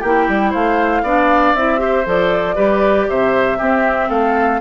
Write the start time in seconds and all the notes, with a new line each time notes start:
0.00 A#3 E4 G4 G5
0.29 G3
0.51 A3 C5 F5
1.03 B3 D4 D5
1.55 C4 E4 E5
1.78 G4 C5
2.06 F3 A4 D5
2.56 G3 G4 B4
3.10 C3 C5 E5
3.58 C4 G4
4.09 A3 A4 F5